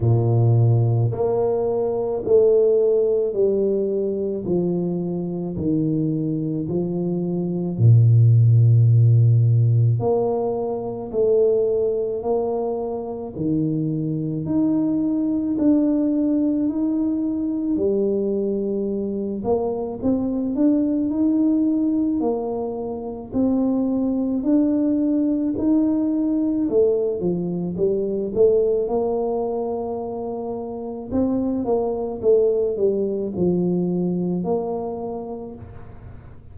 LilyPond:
\new Staff \with { instrumentName = "tuba" } { \time 4/4 \tempo 4 = 54 ais,4 ais4 a4 g4 | f4 dis4 f4 ais,4~ | ais,4 ais4 a4 ais4 | dis4 dis'4 d'4 dis'4 |
g4. ais8 c'8 d'8 dis'4 | ais4 c'4 d'4 dis'4 | a8 f8 g8 a8 ais2 | c'8 ais8 a8 g8 f4 ais4 | }